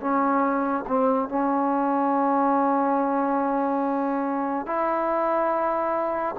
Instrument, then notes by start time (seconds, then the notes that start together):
trombone
0.00 C#4
0.88 C4
1.29 C#4
4.66 E4